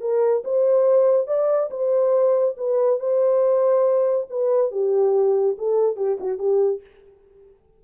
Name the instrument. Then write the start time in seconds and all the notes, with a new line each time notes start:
horn
0.00 A#4
0.44 C5
1.27 D5
1.70 C5
2.57 B4
2.99 C5
4.30 B4
4.71 G4
5.57 A4
5.96 G4
6.20 F#4
6.38 G4